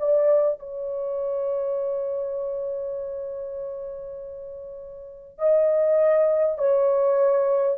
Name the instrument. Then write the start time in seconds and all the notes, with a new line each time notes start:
horn
0.00 D5
0.60 C#5
5.39 D#5
6.58 C#5